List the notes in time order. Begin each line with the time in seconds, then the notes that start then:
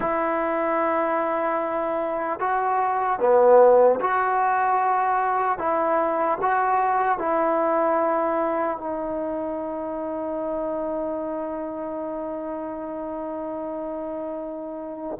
0.00 E4
2.39 F#4
3.19 B3
4.00 F#4
5.58 E4
6.41 F#4
7.18 E4
8.78 D#4